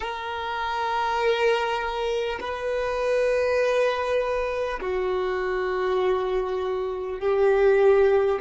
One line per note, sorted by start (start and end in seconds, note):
0.00 2.39 A#4
2.40 4.80 B4
4.80 7.19 F#4
7.19 8.39 G4